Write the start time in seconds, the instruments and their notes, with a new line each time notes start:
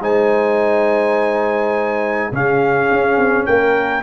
0.00 tuba G#3, trombone D#4, horn C5, trumpet G#5
2.32 tuba C#3, trombone C#4, horn G#4, trumpet F5
2.91 tuba C#4
3.17 tuba C4
3.46 tuba A#3, horn A#4, trumpet G5